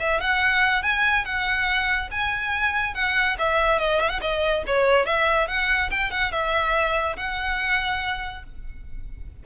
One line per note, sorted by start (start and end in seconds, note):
0.00 0.21 E5
0.21 0.83 F#5
0.83 1.25 G#5
1.25 2.10 F#5
2.11 2.94 G#5
2.94 3.37 F#5
3.39 3.79 E5
3.79 4.00 D#5
4.01 4.09 E5
4.09 4.20 F#5
4.21 4.64 D#5
4.67 5.06 C#5
5.06 5.48 E5
5.48 5.90 F#5
5.91 6.11 G5
6.11 6.32 F#5
6.32 7.16 E5
7.17 8.44 F#5